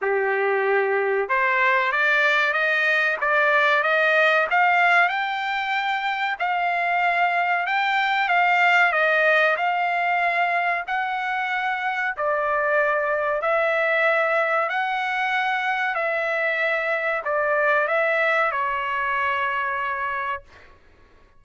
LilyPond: \new Staff \with { instrumentName = "trumpet" } { \time 4/4 \tempo 4 = 94 g'2 c''4 d''4 | dis''4 d''4 dis''4 f''4 | g''2 f''2 | g''4 f''4 dis''4 f''4~ |
f''4 fis''2 d''4~ | d''4 e''2 fis''4~ | fis''4 e''2 d''4 | e''4 cis''2. | }